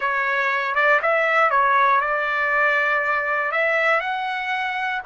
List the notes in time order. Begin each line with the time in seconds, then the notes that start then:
0.00 C#5
0.74 D5
1.02 E5
1.50 C#5
2.00 D5
3.51 E5
4.00 F#5